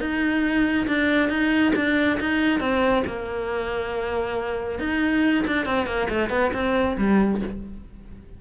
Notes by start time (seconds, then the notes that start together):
0.00 D#4
0.87 D4
1.29 D#4
1.75 D4
2.20 D#4
2.60 C4
3.07 A#3
4.79 D#4
5.47 D4
5.66 C4
5.87 A#3
6.09 A3
6.30 B3
6.53 C4
6.98 G3